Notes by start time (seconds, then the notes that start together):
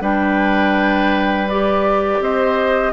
0.00 G3 D4 B4 G5
1.49 G4 D5
2.20 C4 C5 D#5